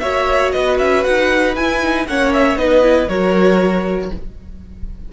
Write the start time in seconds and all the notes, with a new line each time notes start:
0.00 A#3 F#4 C#5 E5
0.52 B3 B4 D#5
0.78 C#4 E5
1.04 D#4 F#5
1.56 E4 G#5
1.83 D#4
2.06 A#3 C#4 C#5 F#5
2.33 E5
2.56 B3 D#4 B4 D#5
2.82 E4
3.09 F#3 F#4 A#4 C#5